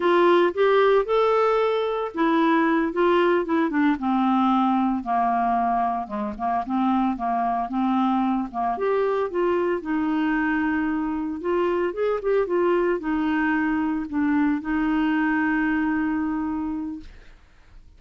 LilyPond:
\new Staff \with { instrumentName = "clarinet" } { \time 4/4 \tempo 4 = 113 f'4 g'4 a'2 | e'4. f'4 e'8 d'8 c'8~ | c'4. ais2 gis8 | ais8 c'4 ais4 c'4. |
ais8 g'4 f'4 dis'4.~ | dis'4. f'4 gis'8 g'8 f'8~ | f'8 dis'2 d'4 dis'8~ | dis'1 | }